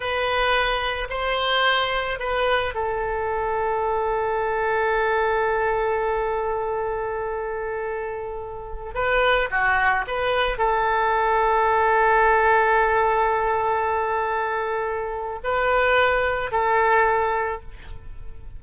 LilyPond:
\new Staff \with { instrumentName = "oboe" } { \time 4/4 \tempo 4 = 109 b'2 c''2 | b'4 a'2.~ | a'1~ | a'1~ |
a'16 b'4 fis'4 b'4 a'8.~ | a'1~ | a'1 | b'2 a'2 | }